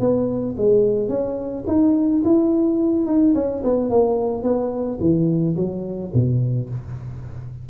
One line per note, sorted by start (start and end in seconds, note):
0.00 0.56 B3
0.58 1.09 G#3
1.09 1.64 C#4
1.67 2.23 D#4
2.24 3.06 E4
3.06 3.34 D#4
3.35 3.63 C#4
3.64 3.90 B3
3.90 4.43 A#3
4.43 4.99 B3
5.01 5.56 E3
5.56 6.12 F#3
6.14 6.70 B2